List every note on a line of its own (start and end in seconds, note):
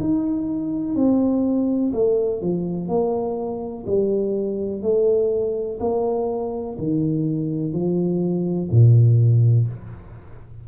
0.00 0.95 D#4
0.95 1.92 C4
1.94 2.41 A3
2.41 2.88 F3
2.88 3.85 A#3
3.87 4.82 G3
4.82 5.79 A3
5.80 6.77 A#3
6.79 7.73 D#3
7.73 8.70 F3
8.71 9.68 A#2